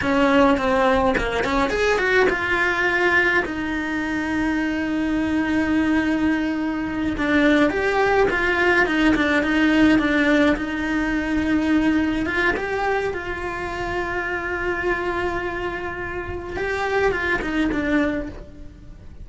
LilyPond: \new Staff \with { instrumentName = "cello" } { \time 4/4 \tempo 4 = 105 cis'4 c'4 ais8 cis'8 gis'8 fis'8 | f'2 dis'2~ | dis'1~ | dis'8 d'4 g'4 f'4 dis'8 |
d'8 dis'4 d'4 dis'4.~ | dis'4. f'8 g'4 f'4~ | f'1~ | f'4 g'4 f'8 dis'8 d'4 | }